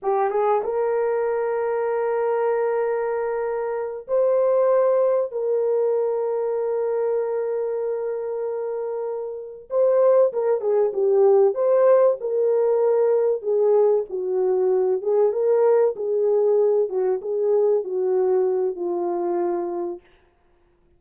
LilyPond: \new Staff \with { instrumentName = "horn" } { \time 4/4 \tempo 4 = 96 g'8 gis'8 ais'2.~ | ais'2~ ais'8 c''4.~ | c''8 ais'2.~ ais'8~ | ais'2.~ ais'8 c''8~ |
c''8 ais'8 gis'8 g'4 c''4 ais'8~ | ais'4. gis'4 fis'4. | gis'8 ais'4 gis'4. fis'8 gis'8~ | gis'8 fis'4. f'2 | }